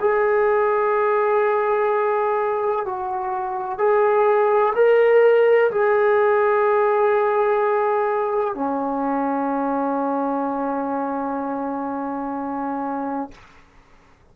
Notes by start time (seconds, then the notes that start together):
0.00 G#4
2.85 F#4
3.78 G#4
4.75 A#4
5.71 G#4
8.55 C#4